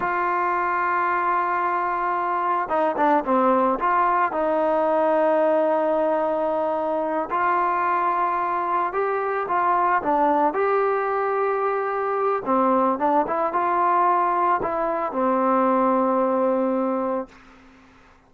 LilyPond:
\new Staff \with { instrumentName = "trombone" } { \time 4/4 \tempo 4 = 111 f'1~ | f'4 dis'8 d'8 c'4 f'4 | dis'1~ | dis'4. f'2~ f'8~ |
f'8 g'4 f'4 d'4 g'8~ | g'2. c'4 | d'8 e'8 f'2 e'4 | c'1 | }